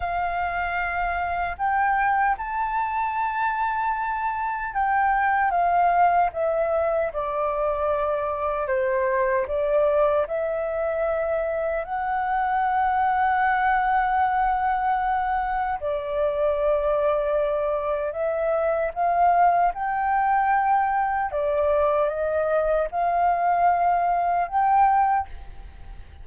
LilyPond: \new Staff \with { instrumentName = "flute" } { \time 4/4 \tempo 4 = 76 f''2 g''4 a''4~ | a''2 g''4 f''4 | e''4 d''2 c''4 | d''4 e''2 fis''4~ |
fis''1 | d''2. e''4 | f''4 g''2 d''4 | dis''4 f''2 g''4 | }